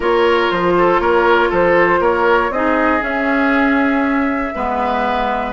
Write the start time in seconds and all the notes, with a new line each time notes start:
0.00 A#3 F4 A#4 C#5
0.51 F3 C5
0.77 A4
0.99 A#3 A#4 C#5
1.49 F3 A4 C5
1.99 A#3 A#4 C#5
2.50 C4 D#4 G#4 D#5
2.99 C#4 E5
4.54 G#3 B3 B4